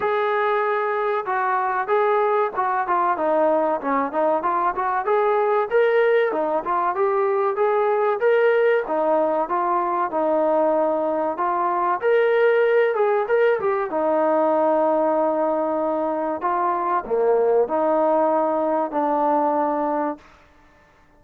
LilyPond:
\new Staff \with { instrumentName = "trombone" } { \time 4/4 \tempo 4 = 95 gis'2 fis'4 gis'4 | fis'8 f'8 dis'4 cis'8 dis'8 f'8 fis'8 | gis'4 ais'4 dis'8 f'8 g'4 | gis'4 ais'4 dis'4 f'4 |
dis'2 f'4 ais'4~ | ais'8 gis'8 ais'8 g'8 dis'2~ | dis'2 f'4 ais4 | dis'2 d'2 | }